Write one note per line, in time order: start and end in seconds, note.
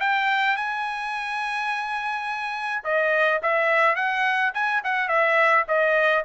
0.00 0.56 G5
0.56 2.83 G#5
2.84 3.41 D#5
3.42 3.95 E5
3.95 4.52 F#5
4.54 4.82 G#5
4.84 5.08 F#5
5.08 5.65 E5
5.68 6.24 D#5